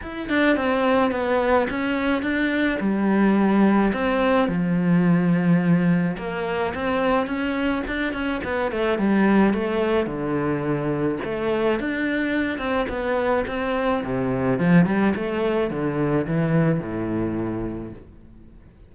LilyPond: \new Staff \with { instrumentName = "cello" } { \time 4/4 \tempo 4 = 107 e'8 d'8 c'4 b4 cis'4 | d'4 g2 c'4 | f2. ais4 | c'4 cis'4 d'8 cis'8 b8 a8 |
g4 a4 d2 | a4 d'4. c'8 b4 | c'4 c4 f8 g8 a4 | d4 e4 a,2 | }